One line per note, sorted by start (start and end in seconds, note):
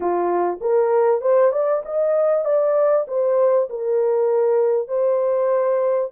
0.00 0.59 F4
0.60 1.21 A#4
1.21 1.51 C5
1.52 1.82 D5
1.85 2.44 D#5
2.44 3.06 D5
3.07 3.68 C5
3.69 4.88 A#4
4.88 6.10 C5